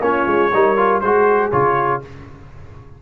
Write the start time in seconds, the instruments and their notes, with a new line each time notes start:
0.00 tuba A#3, trombone C#4, horn F4, trumpet C#5
0.27 tuba G#3
0.54 tuba G3, trombone D#4, horn A#4
0.77 trombone F4
1.01 tuba G#3, trombone F#4, horn G#4, trumpet C5
1.52 tuba C#3, trombone F4, trumpet C#5